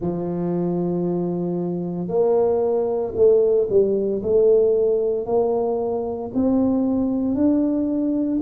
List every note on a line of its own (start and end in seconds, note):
0.00 2.08 F3
2.08 3.13 A#3
3.15 3.67 A3
3.69 4.22 G3
4.22 5.25 A3
5.25 6.31 A#3
6.34 7.34 C4
7.34 8.40 D4